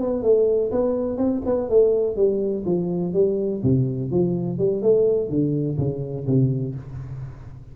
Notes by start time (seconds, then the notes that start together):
0.00 B3
0.22 A3
0.71 B3
1.17 C4
1.45 B3
1.69 A3
2.16 G3
2.65 F3
3.13 G3
3.63 C3
4.11 F3
4.58 G3
4.82 A3
5.29 D3
5.78 C#3
6.26 C3